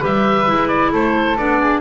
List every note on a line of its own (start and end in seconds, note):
0.00 0.50 G3
0.00 0.46 G4
0.00 0.91 B4
0.00 0.68 E5
0.47 0.92 G#3
0.47 1.38 E4
0.68 0.91 D5
0.92 1.38 A3
0.92 1.60 A4
0.92 1.38 C5
1.38 1.81 B3
1.38 1.81 D4
1.38 1.81 D5
1.60 1.81 G#4